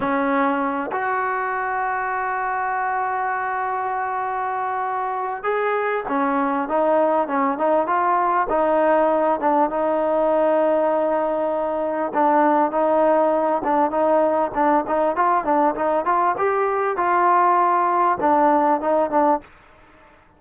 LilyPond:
\new Staff \with { instrumentName = "trombone" } { \time 4/4 \tempo 4 = 99 cis'4. fis'2~ fis'8~ | fis'1~ | fis'4 gis'4 cis'4 dis'4 | cis'8 dis'8 f'4 dis'4. d'8 |
dis'1 | d'4 dis'4. d'8 dis'4 | d'8 dis'8 f'8 d'8 dis'8 f'8 g'4 | f'2 d'4 dis'8 d'8 | }